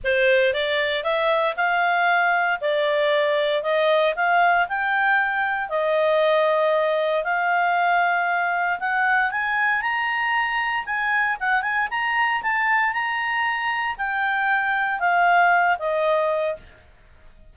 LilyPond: \new Staff \with { instrumentName = "clarinet" } { \time 4/4 \tempo 4 = 116 c''4 d''4 e''4 f''4~ | f''4 d''2 dis''4 | f''4 g''2 dis''4~ | dis''2 f''2~ |
f''4 fis''4 gis''4 ais''4~ | ais''4 gis''4 fis''8 gis''8 ais''4 | a''4 ais''2 g''4~ | g''4 f''4. dis''4. | }